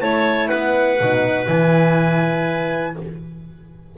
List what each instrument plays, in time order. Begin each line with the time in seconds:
0.00 double bass A3, horn E4, clarinet C#5, trumpet A5
0.49 double bass B3, clarinet B4, trumpet F#5
1.01 double bass B2, horn D#4
1.48 double bass E3, horn E4, trumpet G#5